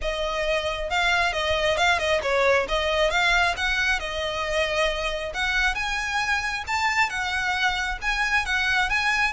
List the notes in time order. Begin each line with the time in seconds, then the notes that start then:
0.01 D#5
0.90 F5
1.33 D#5
1.77 F5
1.98 D#5
2.22 C#5
2.68 D#5
3.10 F5
3.56 F#5
3.99 D#5
5.34 F#5
5.75 G#5
6.67 A5
7.09 F#5
8.01 G#5
8.45 F#5
8.89 G#5